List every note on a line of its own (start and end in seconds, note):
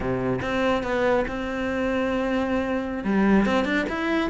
0.00 0.40 C3
0.41 0.83 C4
0.83 1.25 B3
1.27 3.04 C4
3.04 3.45 G3
3.45 3.64 C4
3.64 3.85 D4
3.89 4.29 E4